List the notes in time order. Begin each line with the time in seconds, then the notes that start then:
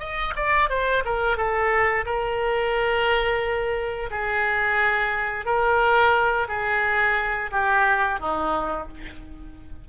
0.00 D#5
0.36 D5
0.70 C5
1.05 A#4
1.37 A4
2.06 A#4
4.11 G#4
5.46 A#4
6.49 G#4
7.52 G4
8.20 D#4